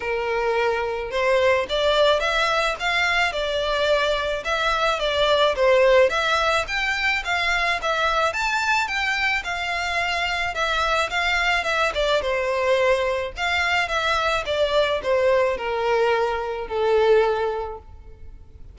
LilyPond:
\new Staff \with { instrumentName = "violin" } { \time 4/4 \tempo 4 = 108 ais'2 c''4 d''4 | e''4 f''4 d''2 | e''4 d''4 c''4 e''4 | g''4 f''4 e''4 a''4 |
g''4 f''2 e''4 | f''4 e''8 d''8 c''2 | f''4 e''4 d''4 c''4 | ais'2 a'2 | }